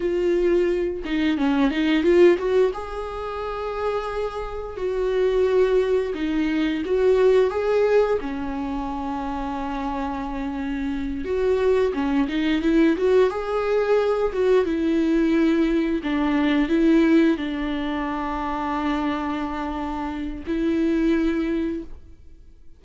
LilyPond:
\new Staff \with { instrumentName = "viola" } { \time 4/4 \tempo 4 = 88 f'4. dis'8 cis'8 dis'8 f'8 fis'8 | gis'2. fis'4~ | fis'4 dis'4 fis'4 gis'4 | cis'1~ |
cis'8 fis'4 cis'8 dis'8 e'8 fis'8 gis'8~ | gis'4 fis'8 e'2 d'8~ | d'8 e'4 d'2~ d'8~ | d'2 e'2 | }